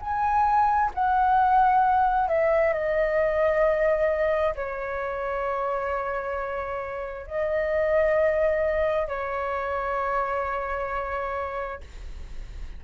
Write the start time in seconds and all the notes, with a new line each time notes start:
0.00 G#5
0.94 F#5
2.28 E5
2.73 D#5
4.55 C#5
7.26 D#5
9.07 C#5